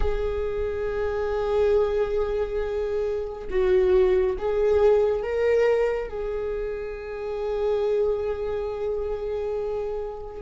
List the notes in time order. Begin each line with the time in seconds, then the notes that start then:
0.00 G#4
3.50 F#4
4.38 G#4
5.23 A#4
6.09 G#4